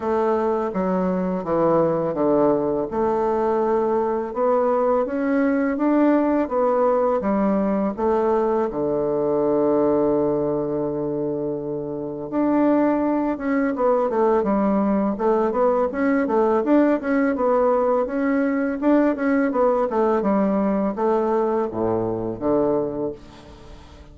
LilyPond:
\new Staff \with { instrumentName = "bassoon" } { \time 4/4 \tempo 4 = 83 a4 fis4 e4 d4 | a2 b4 cis'4 | d'4 b4 g4 a4 | d1~ |
d4 d'4. cis'8 b8 a8 | g4 a8 b8 cis'8 a8 d'8 cis'8 | b4 cis'4 d'8 cis'8 b8 a8 | g4 a4 a,4 d4 | }